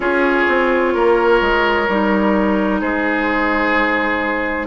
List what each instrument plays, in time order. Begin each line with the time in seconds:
0.00 bassoon C#4, clarinet F4, oboe G#4, flute C#5
0.48 bassoon C4
0.94 bassoon A#3, oboe A#4
1.41 bassoon G#3
1.88 bassoon G3, clarinet D#4
2.80 bassoon G#3, oboe G#4, flute C5